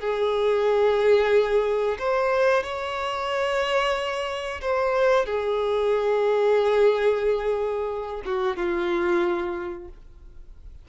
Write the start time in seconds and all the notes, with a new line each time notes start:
0.00 G#4
1.99 C5
2.63 C#5
4.61 C5
5.26 G#4
8.25 F#4
8.57 F4